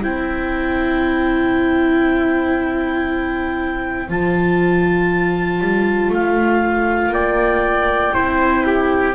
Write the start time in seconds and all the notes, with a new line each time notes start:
0.00 C4 E4 C5 G5
4.09 F3 F4 A5
5.61 G3
6.10 A3 F5
7.09 A#3 D5 G5
8.14 C4 E4 C5
8.67 G4